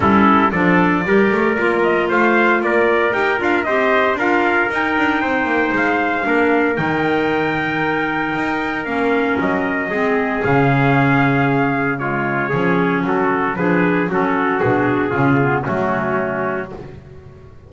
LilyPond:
<<
  \new Staff \with { instrumentName = "trumpet" } { \time 4/4 \tempo 4 = 115 a'4 d''2~ d''8 dis''8 | f''4 d''4 g''8 f''8 dis''4 | f''4 g''2 f''4~ | f''4 g''2.~ |
g''4 f''4 dis''2 | f''2. cis''4~ | cis''4 a'4 b'4 a'4 | gis'2 fis'2 | }
  \new Staff \with { instrumentName = "trumpet" } { \time 4/4 e'4 a'4 ais'2 | c''4 ais'2 c''4 | ais'2 c''2 | ais'1~ |
ais'2. gis'4~ | gis'2. f'4 | gis'4 fis'4 gis'4 fis'4~ | fis'4 f'4 cis'2 | }
  \new Staff \with { instrumentName = "clarinet" } { \time 4/4 cis'4 d'4 g'4 f'4~ | f'2 g'8 f'8 g'4 | f'4 dis'2. | d'4 dis'2.~ |
dis'4 cis'2 c'4 | cis'2. gis4 | cis'2 d'4 cis'4 | d'4 cis'8 b8 a2 | }
  \new Staff \with { instrumentName = "double bass" } { \time 4/4 g4 f4 g8 a8 ais4 | a4 ais4 dis'8 d'8 c'4 | d'4 dis'8 d'8 c'8 ais8 gis4 | ais4 dis2. |
dis'4 ais4 fis4 gis4 | cis1 | f4 fis4 f4 fis4 | b,4 cis4 fis2 | }
>>